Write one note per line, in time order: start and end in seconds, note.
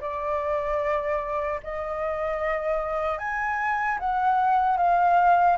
0.00 1.60 D5
1.63 3.18 D#5
3.18 3.98 G#5
3.99 4.77 F#5
4.77 5.57 F5